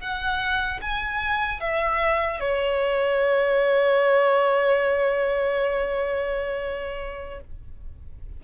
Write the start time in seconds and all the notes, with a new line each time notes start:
0.00 F#5
0.81 G#5
1.60 E5
2.40 C#5